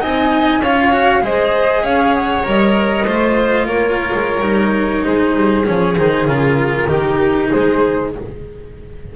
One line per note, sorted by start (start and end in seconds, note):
0.00 0.60 C4
0.00 0.61 D#4
0.00 0.61 D#5
0.00 0.63 G#5
0.60 1.21 C#4
0.60 0.92 F4
0.60 1.22 C#5
0.60 1.24 F5
0.92 1.21 F#4
1.21 1.83 G#3
1.21 2.43 G#4
1.21 1.82 C5
1.21 1.84 D#5
1.82 2.44 C#4
1.82 3.05 C#5
1.82 2.14 F5
2.14 2.45 F#5
2.43 3.05 G3
2.43 3.04 A#4
2.43 3.67 D#5
3.05 3.65 A3
3.05 4.41 F4
3.05 3.66 C5
3.65 4.11 A#3
3.65 5.04 A#4
3.65 5.04 C#5
4.13 4.40 G#3
4.40 5.01 G3
4.40 5.64 D#4
5.04 5.36 G#3
5.04 6.88 G#4
5.04 5.66 C5
5.36 5.66 G3
5.65 5.98 F3
5.65 5.95 C#4
5.65 5.97 C#5
5.97 6.25 D#3
5.97 6.27 D#4
5.97 6.27 C5
6.25 6.86 C#3
6.25 6.88 F4
6.25 7.49 A#4
6.88 7.49 D#3
6.88 8.10 D#4
6.88 7.49 G4
7.50 8.15 G#3
7.50 8.11 G#4
7.50 8.12 C5